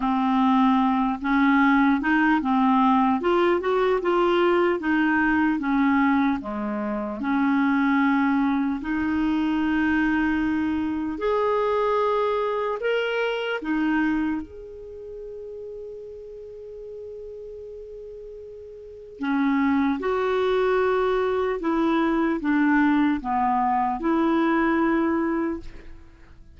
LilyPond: \new Staff \with { instrumentName = "clarinet" } { \time 4/4 \tempo 4 = 75 c'4. cis'4 dis'8 c'4 | f'8 fis'8 f'4 dis'4 cis'4 | gis4 cis'2 dis'4~ | dis'2 gis'2 |
ais'4 dis'4 gis'2~ | gis'1 | cis'4 fis'2 e'4 | d'4 b4 e'2 | }